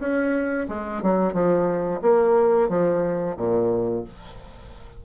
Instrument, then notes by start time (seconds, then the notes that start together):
bassoon
0.00 C#4
0.69 G#3
1.03 F#3
1.33 F3
2.02 A#3
2.69 F3
3.37 A#2